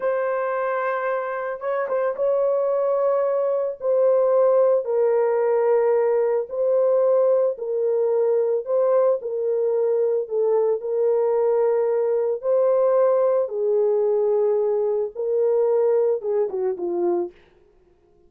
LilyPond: \new Staff \with { instrumentName = "horn" } { \time 4/4 \tempo 4 = 111 c''2. cis''8 c''8 | cis''2. c''4~ | c''4 ais'2. | c''2 ais'2 |
c''4 ais'2 a'4 | ais'2. c''4~ | c''4 gis'2. | ais'2 gis'8 fis'8 f'4 | }